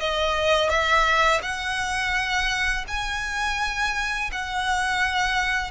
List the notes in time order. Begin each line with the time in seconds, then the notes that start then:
0.00 D#5
0.70 E5
1.43 F#5
2.88 G#5
4.32 F#5